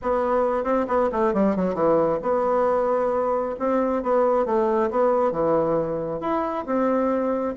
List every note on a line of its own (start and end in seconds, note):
0.02 0.63 B3
0.63 0.86 C4
0.87 1.09 B3
1.12 1.33 A3
1.33 1.56 G3
1.56 1.74 F#3
1.74 2.19 E3
2.22 3.55 B3
3.59 4.03 C4
4.03 4.45 B3
4.45 4.90 A3
4.90 5.31 B3
5.31 6.20 E3
6.20 6.65 E4
6.65 7.54 C4